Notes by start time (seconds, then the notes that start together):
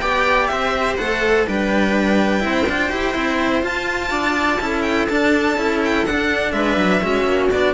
0.00 B3 G4 D5 G5
0.47 C4 C5 E5
0.97 A3 A4 F#5
1.47 G3 D4 B4 G5
2.40 C4 E4 C5
2.69 D4 F4
2.89 E4 G4
3.14 C4 E4
3.62 F4 A5
4.10 D4 D5
4.60 C#4 E4 A4
4.82 G5
5.08 D4 A5
5.57 C#4 E4
5.85 G5
6.06 D4 F#5
6.52 G#3 B4 E5
6.77 F#3
7.02 G#3 C#4 F#4
7.24 A#3
7.50 B3 D4 D5